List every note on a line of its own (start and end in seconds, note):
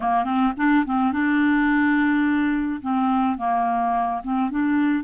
0.00 0.24 A#3
0.24 0.52 C4
0.56 0.84 D4
0.85 1.12 C4
1.12 2.80 D4
2.81 3.37 C4
3.37 4.22 A#3
4.23 4.50 C4
4.50 5.04 D4